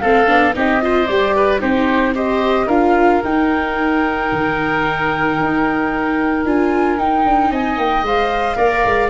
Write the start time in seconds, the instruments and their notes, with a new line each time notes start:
0.00 tuba A3, viola C4, oboe A4, flute F5
0.27 tuba B3, viola D4
0.54 tuba C4, viola D#4, oboe G4, flute D#5
0.81 viola F4, oboe C5
1.06 tuba G3, viola G4, flute D5
1.36 oboe B4
1.59 tuba C4, viola D#4, oboe G4, flute C5
2.15 viola G4, oboe C5, flute D#5
2.67 tuba D4, viola F4, oboe A#4, flute F5
3.24 tuba D#4, viola D#4, flute G5
4.32 tuba D#3
5.39 tuba D#4
6.45 tuba D4, viola F4, flute G#5
6.98 viola D#4, tuba D#4, flute G5
7.25 tuba D4
7.51 tuba C4, oboe D#5, flute G#5
7.77 tuba A#3, flute G5
8.02 tuba G#3, viola C5, flute F5
8.55 tuba A#3, viola A#4, oboe D5
8.85 tuba G#3